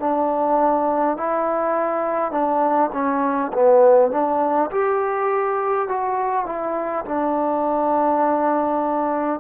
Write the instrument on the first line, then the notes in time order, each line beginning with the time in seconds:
trombone
0.00 D4
1.18 E4
2.32 D4
2.94 C#4
3.53 B3
4.12 D4
4.72 G4
5.89 F#4
6.47 E4
7.05 D4